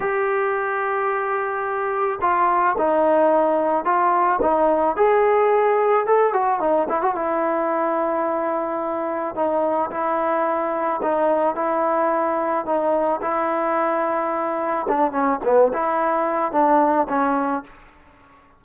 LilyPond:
\new Staff \with { instrumentName = "trombone" } { \time 4/4 \tempo 4 = 109 g'1 | f'4 dis'2 f'4 | dis'4 gis'2 a'8 fis'8 | dis'8 e'16 fis'16 e'2.~ |
e'4 dis'4 e'2 | dis'4 e'2 dis'4 | e'2. d'8 cis'8 | b8 e'4. d'4 cis'4 | }